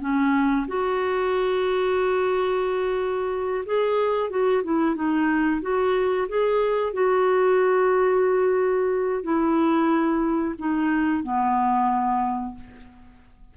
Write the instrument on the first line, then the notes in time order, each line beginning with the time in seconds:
clarinet
0.00 C#4
0.67 F#4
3.65 G#4
4.30 F#4
4.63 E4
4.95 D#4
5.61 F#4
6.28 G#4
6.93 F#4
9.23 E4
10.58 D#4
11.23 B3